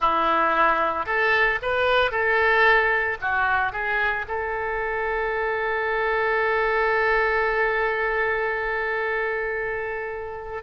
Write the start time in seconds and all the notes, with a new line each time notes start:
0.00 E4
1.06 A4
1.61 B4
2.11 A4
3.21 F#4
3.72 G#4
4.28 A4